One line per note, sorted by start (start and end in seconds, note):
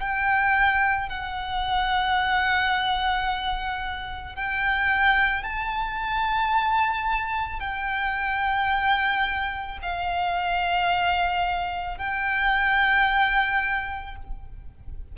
0.00 1.09 G5
1.09 4.35 F#5
4.35 5.43 G5
5.43 7.60 A5
7.60 9.78 G5
9.82 11.98 F5
11.98 14.16 G5